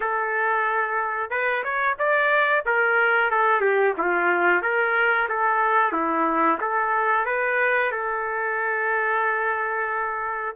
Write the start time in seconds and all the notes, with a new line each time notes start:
0.00 A4
1.30 B4
1.63 C#5
1.98 D5
2.65 A#4
3.30 A4
3.61 G4
3.97 F4
4.62 A#4
5.28 A4
5.92 E4
6.61 A4
7.25 B4
7.91 A4